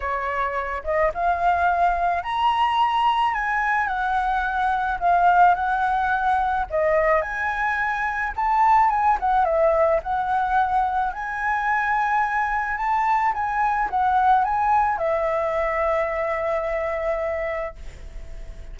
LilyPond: \new Staff \with { instrumentName = "flute" } { \time 4/4 \tempo 4 = 108 cis''4. dis''8 f''2 | ais''2 gis''4 fis''4~ | fis''4 f''4 fis''2 | dis''4 gis''2 a''4 |
gis''8 fis''8 e''4 fis''2 | gis''2. a''4 | gis''4 fis''4 gis''4 e''4~ | e''1 | }